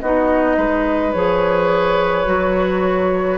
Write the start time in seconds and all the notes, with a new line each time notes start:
0.00 B3 D#4 F#4 D#5
0.56 G#3 B4
1.12 F3 G#4 C#5
2.26 F#3 F#4